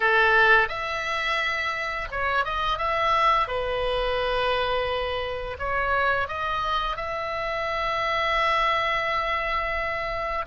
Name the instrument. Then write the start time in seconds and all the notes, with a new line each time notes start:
oboe
0.00 A4
0.68 E5
2.11 C#5
2.44 D#5
2.78 E5
3.47 B4
5.58 C#5
6.28 D#5
6.96 E5